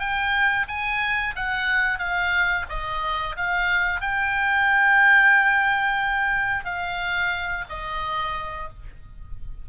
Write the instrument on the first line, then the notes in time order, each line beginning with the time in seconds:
oboe
0.00 G5
0.68 G#5
1.36 F#5
1.99 F5
2.70 D#5
3.37 F5
4.01 G5
6.65 F5
7.70 D#5